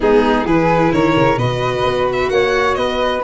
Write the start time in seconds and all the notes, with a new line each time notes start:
0.00 G#3 B3 D#4 G#4
0.44 E3 E4 G#4 B4
0.92 D#3 A#4 C#5
1.16 C#3
1.37 B2 F#4 B4 D#5
1.83 B3
2.12 E5
2.29 A#3 C#5 F#5
2.74 B3 B4 D#5